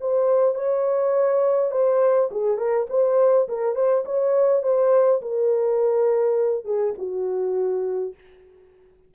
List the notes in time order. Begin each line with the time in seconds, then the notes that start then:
0.00 C5
0.55 C#5
1.71 C5
2.31 G#4
2.57 A#4
2.89 C5
3.48 A#4
3.75 C5
4.05 C#5
4.63 C5
5.21 A#4
6.64 G#4
6.98 F#4